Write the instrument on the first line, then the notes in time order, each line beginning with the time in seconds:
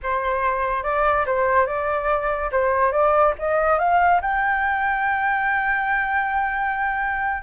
flute
0.02 C5
0.83 D5
1.26 C5
1.66 D5
2.51 C5
2.91 D5
3.39 D#5
3.79 F5
4.21 G5